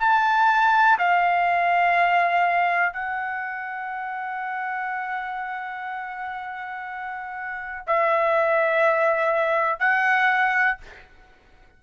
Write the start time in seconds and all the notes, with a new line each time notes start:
0.00 A5
0.99 F5
2.93 F#5
7.87 E5
9.80 F#5